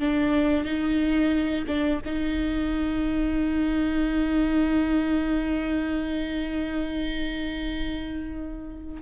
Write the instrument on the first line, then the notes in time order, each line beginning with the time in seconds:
viola
0.00 D4
0.65 D#4
1.67 D4
2.05 D#4